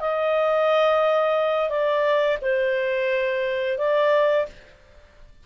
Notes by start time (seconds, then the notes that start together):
0.00 D#5
1.70 D5
2.42 C5
3.78 D5